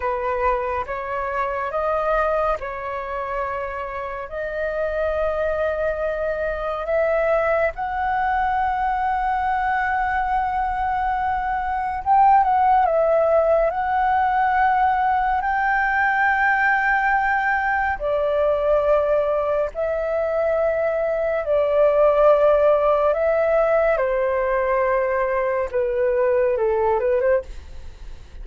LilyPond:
\new Staff \with { instrumentName = "flute" } { \time 4/4 \tempo 4 = 70 b'4 cis''4 dis''4 cis''4~ | cis''4 dis''2. | e''4 fis''2.~ | fis''2 g''8 fis''8 e''4 |
fis''2 g''2~ | g''4 d''2 e''4~ | e''4 d''2 e''4 | c''2 b'4 a'8 b'16 c''16 | }